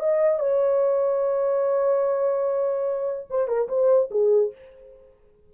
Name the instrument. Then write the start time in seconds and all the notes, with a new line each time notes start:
horn
0.00 D#5
0.39 C#5
3.30 C5
3.48 A#4
3.69 C5
4.11 G#4